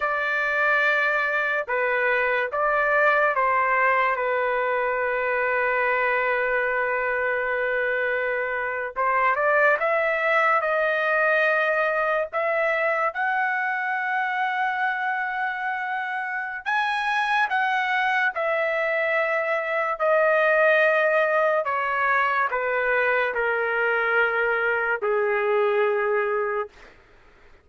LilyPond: \new Staff \with { instrumentName = "trumpet" } { \time 4/4 \tempo 4 = 72 d''2 b'4 d''4 | c''4 b'2.~ | b'2~ b'8. c''8 d''8 e''16~ | e''8. dis''2 e''4 fis''16~ |
fis''1 | gis''4 fis''4 e''2 | dis''2 cis''4 b'4 | ais'2 gis'2 | }